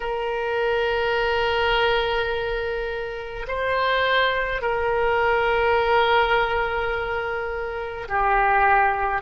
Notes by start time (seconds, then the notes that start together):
0.00 A#4
3.47 C5
4.62 A#4
8.08 G4